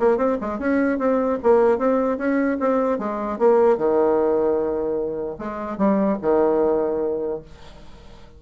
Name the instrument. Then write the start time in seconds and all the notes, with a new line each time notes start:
bassoon
0.00 A#3
0.18 C4
0.41 G#3
0.59 C#4
0.99 C4
1.43 A#3
1.79 C4
2.18 C#4
2.60 C4
2.99 G#3
3.39 A#3
3.78 D#3
5.39 G#3
5.78 G3
6.22 D#3